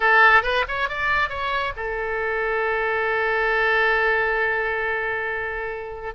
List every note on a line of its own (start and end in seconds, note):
0.00 0.43 A4
0.43 0.64 B4
0.68 0.89 C#5
0.89 1.29 D5
1.29 1.72 C#5
1.76 6.14 A4